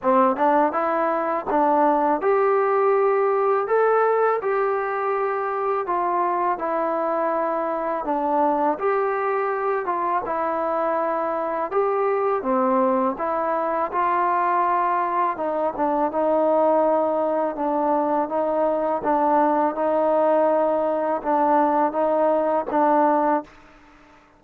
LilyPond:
\new Staff \with { instrumentName = "trombone" } { \time 4/4 \tempo 4 = 82 c'8 d'8 e'4 d'4 g'4~ | g'4 a'4 g'2 | f'4 e'2 d'4 | g'4. f'8 e'2 |
g'4 c'4 e'4 f'4~ | f'4 dis'8 d'8 dis'2 | d'4 dis'4 d'4 dis'4~ | dis'4 d'4 dis'4 d'4 | }